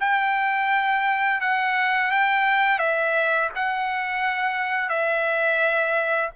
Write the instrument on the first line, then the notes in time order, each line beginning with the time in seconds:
trumpet
0.00 G5
1.41 F#5
2.11 G5
2.79 E5
3.55 F#5
4.89 E5